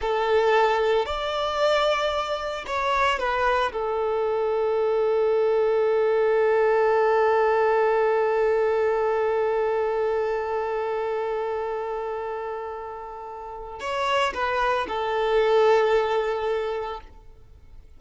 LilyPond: \new Staff \with { instrumentName = "violin" } { \time 4/4 \tempo 4 = 113 a'2 d''2~ | d''4 cis''4 b'4 a'4~ | a'1~ | a'1~ |
a'1~ | a'1~ | a'2 cis''4 b'4 | a'1 | }